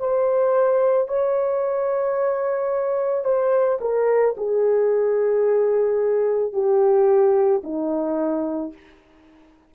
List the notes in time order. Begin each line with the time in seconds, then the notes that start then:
0.00 C5
1.09 C#5
3.25 C5
3.81 A#4
4.38 G#4
6.53 G4
7.64 D#4